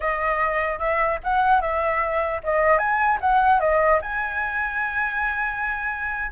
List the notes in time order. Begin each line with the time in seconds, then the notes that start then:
0.00 D#5
0.78 E5
1.23 F#5
1.61 E5
2.43 D#5
2.78 G#5
3.20 F#5
3.60 D#5
4.01 G#5